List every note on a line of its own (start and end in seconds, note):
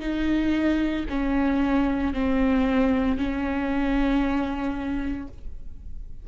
0.00 1.05 D#4
1.09 2.13 C#4
2.13 3.17 C4
3.17 5.28 C#4